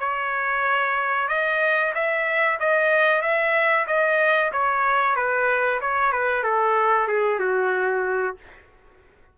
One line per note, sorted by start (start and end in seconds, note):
0.00 1.29 C#5
1.29 1.93 D#5
1.95 2.60 E5
2.60 3.22 D#5
3.22 3.87 E5
3.88 4.52 D#5
4.52 5.16 C#5
5.16 5.81 B4
5.82 6.13 C#5
6.13 6.44 B4
6.44 7.09 A4
7.09 7.40 G#4
7.40 8.37 F#4